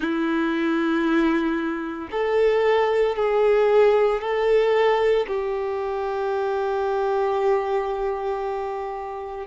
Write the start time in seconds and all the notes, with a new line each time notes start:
0.00 E4
2.11 A4
3.16 G#4
4.21 A4
5.27 G4